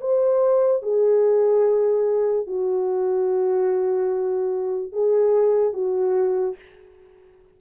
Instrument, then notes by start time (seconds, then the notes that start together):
horn
0.00 C5
0.82 G#4
2.47 F#4
4.92 G#4
5.73 F#4